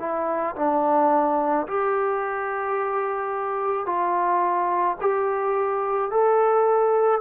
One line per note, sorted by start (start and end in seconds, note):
0.00 0.56 E4
0.56 1.67 D4
1.68 3.86 G4
3.86 4.97 F4
5.01 6.11 G4
6.11 7.22 A4